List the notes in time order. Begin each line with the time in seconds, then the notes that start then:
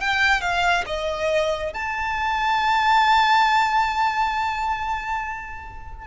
0.00 G5
0.41 F5
0.86 D#5
1.73 A5